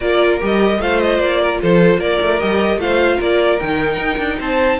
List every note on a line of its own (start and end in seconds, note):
0.00 0.41 A#3
0.00 0.39 F4
0.00 0.80 A#4
0.00 0.40 D5
0.39 0.79 G3
0.39 0.79 G4
0.39 0.81 D#5
0.79 1.18 A3
0.79 2.39 F4
0.79 1.40 C5
0.79 0.99 F5
0.99 1.19 D#5
1.18 1.58 A#3
1.18 1.60 D5
1.40 1.60 A#4
1.61 1.97 F3
1.61 1.99 A4
1.61 2.00 C5
1.97 2.17 A#3
1.97 2.79 A#4
1.97 2.39 D5
2.21 2.41 A3
2.39 2.76 G3
2.39 2.79 G4
2.39 2.79 D#5
2.76 3.16 A3
2.76 3.59 F4
2.76 3.16 C5
2.76 3.20 F5
3.16 3.60 A#3
3.16 4.36 A#4
3.16 3.59 D5
3.59 3.97 D#3
3.59 4.79 D#4
3.59 4.39 G5
3.97 4.17 D#4
4.18 4.38 D4
4.39 4.79 C4
4.39 4.79 C5
4.39 4.79 A5